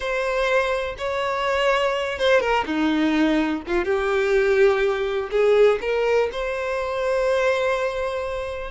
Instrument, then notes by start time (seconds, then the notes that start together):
violin
0.00 C5
0.97 C#5
2.19 C5
2.40 A#4
2.65 D#4
3.67 F4
3.85 G4
5.30 G#4
5.81 A#4
6.31 C5